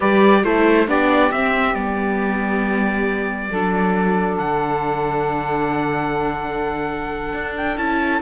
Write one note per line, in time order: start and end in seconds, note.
0.00 0.43 G3
0.00 0.44 G4
0.00 0.41 B4
0.00 0.44 D5
0.43 0.87 A3
0.43 0.87 E4
0.43 0.87 A4
0.43 0.88 C5
0.87 1.31 B3
0.87 1.31 D4
0.87 3.50 G4
0.87 1.31 D5
1.31 1.74 C4
1.31 1.75 C4
1.31 1.75 E5
1.74 3.49 G3
1.74 3.50 B3
1.74 4.37 D5
3.50 4.39 F#3
3.50 7.78 D4
3.50 8.20 A4
4.37 7.33 D3
4.37 7.55 F#5
7.33 7.77 D4
7.57 7.78 G5
7.77 8.21 C#4
7.77 8.22 E4
7.77 8.22 A5